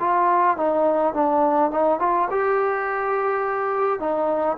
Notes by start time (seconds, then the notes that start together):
0.00 F4
0.57 D#4
1.14 D4
1.71 D#4
1.99 F4
2.31 G4
4.00 D#4